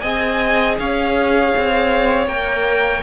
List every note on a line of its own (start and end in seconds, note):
0.00 0.78 C4
0.00 2.27 G#4
0.00 0.76 D#5
0.00 0.75 G#5
0.78 1.53 C#4
0.78 3.03 C#5
0.78 2.28 F5
1.56 2.27 C4
2.27 3.02 A#3
2.27 3.03 A#4
2.27 3.03 G5